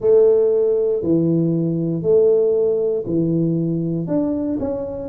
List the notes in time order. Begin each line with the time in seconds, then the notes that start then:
0.00 A3
1.02 E3
2.02 A3
3.06 E3
4.07 D4
4.59 C#4